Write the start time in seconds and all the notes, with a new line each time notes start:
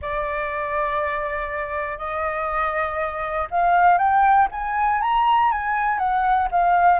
0.01 D5
1.97 D#5
3.50 F5
3.97 G5
4.51 G#5
5.01 A#5
5.51 G#5
5.98 F#5
6.51 F5